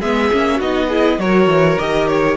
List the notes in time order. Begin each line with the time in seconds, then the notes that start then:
0.00 G#3 B3 G#4 E5
0.31 A#3 C#4
0.56 B3 D#4 F#4 D#5
0.88 E4 G#4
1.18 F#3 F#4 A#4 C#5
1.46 E3
1.78 D#3 G4 D#5
2.07 C#5